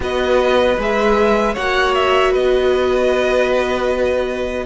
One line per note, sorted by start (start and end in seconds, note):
0.00 0.77 B3
0.00 0.75 F#4
0.00 1.54 B4
0.00 0.80 D#5
0.78 1.56 G#3
0.78 1.56 G#4
0.78 1.55 E5
1.54 2.35 A#3
1.54 4.66 F#4
1.54 2.31 C#5
1.54 1.94 F#5
1.94 2.33 E5
2.31 4.66 B3
2.31 4.65 B4
2.31 4.66 D#5